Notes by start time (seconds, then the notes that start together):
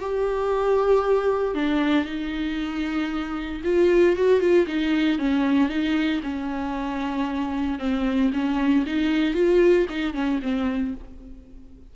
0.00 G4
1.55 D4
2.05 D#4
3.64 F4
4.16 F#4
4.40 F4
4.67 D#4
5.19 C#4
5.69 D#4
6.23 C#4
7.79 C4
8.33 C#4
8.86 D#4
9.34 F4
9.89 D#4
10.14 C#4
10.42 C4